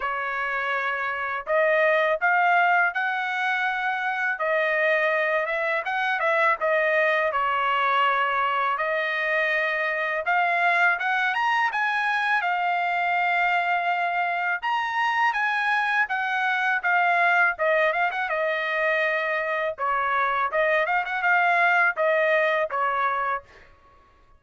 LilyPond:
\new Staff \with { instrumentName = "trumpet" } { \time 4/4 \tempo 4 = 82 cis''2 dis''4 f''4 | fis''2 dis''4. e''8 | fis''8 e''8 dis''4 cis''2 | dis''2 f''4 fis''8 ais''8 |
gis''4 f''2. | ais''4 gis''4 fis''4 f''4 | dis''8 f''16 fis''16 dis''2 cis''4 | dis''8 f''16 fis''16 f''4 dis''4 cis''4 | }